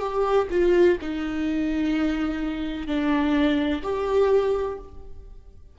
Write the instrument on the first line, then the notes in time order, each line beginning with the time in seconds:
viola
0.00 G4
0.51 F4
1.01 D#4
2.87 D4
3.83 G4